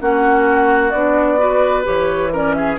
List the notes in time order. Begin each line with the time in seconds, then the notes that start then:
0.00 A#3 C#4 F#4 F#5
0.90 B3 D4 D5
1.38 F#4 B4
1.84 E3 G4 C#5
2.32 C#4 A#4 D5
2.54 G#4 E5